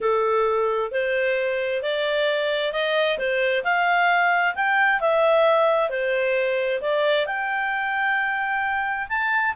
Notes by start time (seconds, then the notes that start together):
0.00 A4
0.91 C5
1.82 D5
2.72 D#5
3.18 C5
3.63 F5
4.55 G5
5.00 E5
5.89 C5
6.81 D5
7.26 G5
9.08 A5